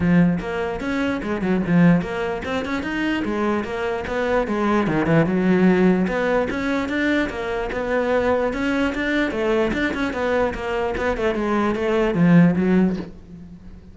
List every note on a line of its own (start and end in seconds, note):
0.00 0.39 F3
0.39 0.80 A#3
0.80 1.21 C#4
1.23 1.41 G#3
1.41 1.61 F#3
1.66 2.01 F3
2.01 2.42 A#3
2.45 2.65 C4
2.65 2.82 C#4
2.82 3.23 D#4
3.24 3.64 G#3
3.64 4.04 A#3
4.07 4.47 B3
4.47 4.87 G#3
4.87 5.05 D#3
5.05 5.26 E3
5.26 6.07 F#3
6.07 6.48 B3
6.50 6.88 C#4
6.88 7.29 D4
7.29 7.70 A#3
7.72 8.53 B3
8.53 8.94 C#4
8.94 9.31 D4
9.31 9.71 A3
9.73 9.93 D4
9.94 10.13 C#4
10.13 10.53 B3
10.54 10.94 A#3
10.97 11.17 B3
11.17 11.34 A3
11.34 11.75 G#3
11.75 12.14 A3
12.14 12.55 F3
12.55 12.96 F#3